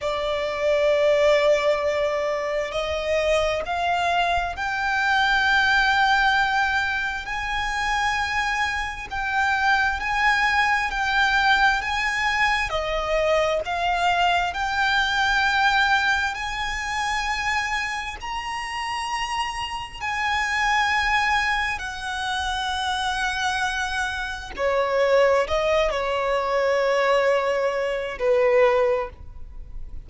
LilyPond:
\new Staff \with { instrumentName = "violin" } { \time 4/4 \tempo 4 = 66 d''2. dis''4 | f''4 g''2. | gis''2 g''4 gis''4 | g''4 gis''4 dis''4 f''4 |
g''2 gis''2 | ais''2 gis''2 | fis''2. cis''4 | dis''8 cis''2~ cis''8 b'4 | }